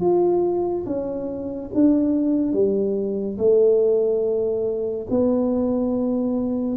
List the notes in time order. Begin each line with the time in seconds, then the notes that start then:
0.00 F4
0.86 C#4
1.74 D4
2.53 G3
3.38 A3
5.10 B3